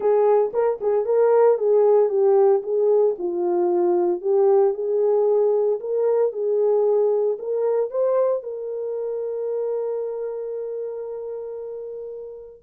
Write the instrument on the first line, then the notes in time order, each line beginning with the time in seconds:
horn
0.00 G#4
0.53 A#4
0.80 G#4
1.05 A#4
1.57 G#4
2.09 G4
2.62 G#4
3.18 F4
4.21 G4
4.74 G#4
5.79 A#4
6.32 G#4
7.38 A#4
7.90 C5
8.42 A#4